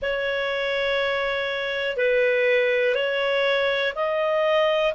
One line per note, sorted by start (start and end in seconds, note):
0.01 1.96 C#5
1.96 2.94 B4
2.94 3.93 C#5
3.95 4.93 D#5